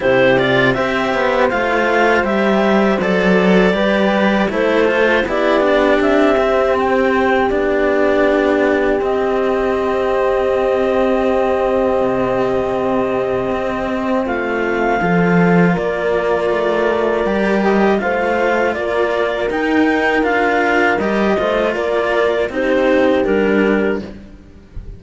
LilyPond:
<<
  \new Staff \with { instrumentName = "clarinet" } { \time 4/4 \tempo 4 = 80 c''8 d''8 e''4 f''4 e''4 | d''2 c''4 d''4 | e''4 g''4 d''2 | dis''1~ |
dis''2. f''4~ | f''4 d''2~ d''8 dis''8 | f''4 d''4 g''4 f''4 | dis''4 d''4 c''4 ais'4 | }
  \new Staff \with { instrumentName = "horn" } { \time 4/4 g'4 c''2.~ | c''4 b'4 a'4 g'4~ | g'1~ | g'1~ |
g'2. f'4 | a'4 ais'2. | c''4 ais'2.~ | ais'8 c''8 ais'4 g'2 | }
  \new Staff \with { instrumentName = "cello" } { \time 4/4 e'8 f'8 g'4 f'4 g'4 | a'4 g'4 e'8 f'8 e'8 d'8~ | d'8 c'4. d'2 | c'1~ |
c'1 | f'2. g'4 | f'2 dis'4 f'4 | g'8 f'4. dis'4 d'4 | }
  \new Staff \with { instrumentName = "cello" } { \time 4/4 c4 c'8 b8 a4 g4 | fis4 g4 a4 b4 | c'2 b2 | c'1 |
c2 c'4 a4 | f4 ais4 a4 g4 | a4 ais4 dis'4 d'4 | g8 a8 ais4 c'4 g4 | }
>>